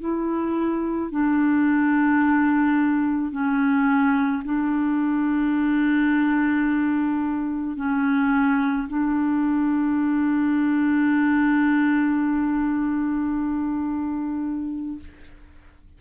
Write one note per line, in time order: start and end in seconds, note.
0.00 1.11 E4
1.11 3.32 D4
3.32 4.43 C#4
4.44 7.76 D4
7.76 8.87 C#4
8.88 14.99 D4